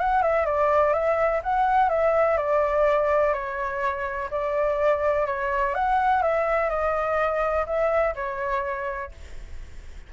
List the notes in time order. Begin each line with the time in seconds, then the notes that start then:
0.00 F#5
0.23 E5
0.46 D5
0.94 E5
1.44 F#5
1.90 E5
2.38 D5
3.34 C#5
4.31 D5
5.27 C#5
5.75 F#5
6.23 E5
6.70 D#5
7.67 E5
8.16 C#5